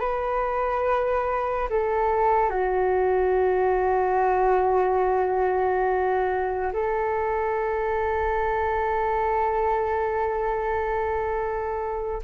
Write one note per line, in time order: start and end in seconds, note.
0.00 1.69 B4
1.70 2.50 A4
2.50 6.72 F#4
6.73 12.22 A4